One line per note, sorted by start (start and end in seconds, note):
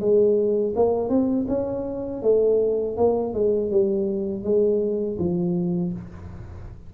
0.00 0.74 G#3
0.76 1.09 A#3
1.09 1.46 C4
1.48 2.23 C#4
2.23 2.97 A3
2.97 3.34 A#3
3.34 3.71 G#3
3.71 4.44 G3
4.44 5.18 G#3
5.19 5.93 F3